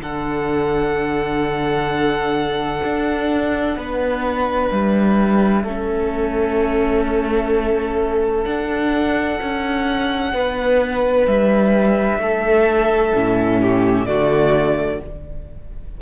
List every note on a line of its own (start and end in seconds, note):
0.00 2.81 D3
0.00 5.66 D4
0.00 3.78 A4
0.00 4.71 F#5
2.84 3.77 D4
3.77 4.71 B3
3.77 5.63 B4
4.71 5.64 G3
4.71 8.45 E5
5.63 8.45 A3
5.63 8.46 C#4
5.63 10.32 A4
8.45 13.14 D4
8.45 9.40 D4
8.45 11.26 F#5
9.42 10.33 C#4
10.33 11.27 B3
10.33 12.21 B4
11.27 12.19 G3
11.27 14.06 E5
12.19 13.13 A3
12.19 13.61 A4
13.15 14.07 A2
13.15 14.07 C#4
13.62 14.08 G4
14.06 15.01 D3
14.06 15.01 A3
14.06 15.02 F#4
14.06 15.00 D5